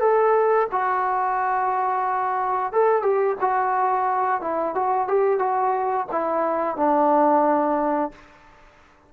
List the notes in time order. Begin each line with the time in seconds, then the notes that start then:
0.00 A4
0.72 F#4
2.72 A4
3.02 G4
3.41 F#4
4.41 E4
4.75 F#4
5.08 G4
5.39 F#4
6.11 E4
6.77 D4